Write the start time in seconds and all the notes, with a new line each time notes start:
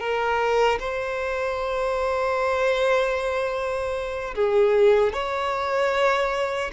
0.00 A#4
0.80 C5
4.35 G#4
5.13 C#5